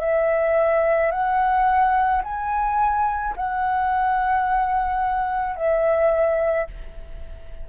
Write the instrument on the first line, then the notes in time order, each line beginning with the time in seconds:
flute
0.00 E5
1.11 F#5
2.23 G#5
3.36 F#5
5.56 E5